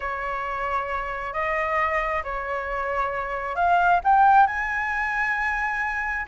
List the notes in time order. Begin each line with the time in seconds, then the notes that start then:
0.00 C#5
1.33 D#5
2.23 C#5
3.55 F5
4.04 G5
4.47 G#5